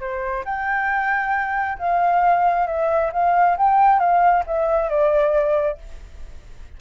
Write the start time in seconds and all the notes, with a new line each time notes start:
0.00 C5
0.45 G5
1.78 F5
2.67 E5
3.12 F5
3.57 G5
3.99 F5
4.46 E5
4.89 D5